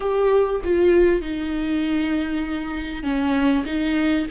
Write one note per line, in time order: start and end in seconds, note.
0.00 0.61 G4
0.64 1.21 F4
1.21 3.03 D#4
3.03 3.64 C#4
3.65 4.27 D#4